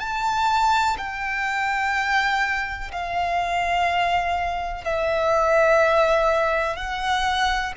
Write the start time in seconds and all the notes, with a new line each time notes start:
0.00 A5
0.98 G5
2.92 F5
4.84 E5
6.77 F#5